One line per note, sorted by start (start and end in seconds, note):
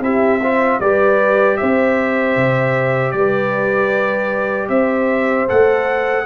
0.00 0.78 C4
0.00 0.41 E4
0.00 0.40 G4
0.00 0.80 E5
0.40 0.81 F4
0.40 0.79 C5
0.80 1.57 G3
0.80 5.47 G4
0.80 1.58 B4
0.80 1.56 D5
1.56 2.36 C4
1.56 3.16 C5
1.56 3.11 E5
2.36 3.13 C3
3.11 4.69 G3
3.11 4.69 B4
3.11 4.67 D5
4.69 5.47 C4
4.69 6.24 C5
4.69 5.47 E5
5.47 6.25 A3
5.47 6.25 A4
5.47 6.25 F#5